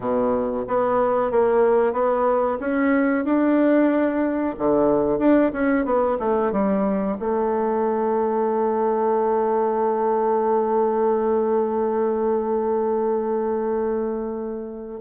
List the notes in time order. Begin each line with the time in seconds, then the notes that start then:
0.00 B2
0.67 B3
1.31 A#3
1.92 B3
2.60 C#4
3.24 D4
4.58 D3
5.18 D4
5.53 C#4
5.85 B3
6.19 A3
6.52 G3
7.19 A3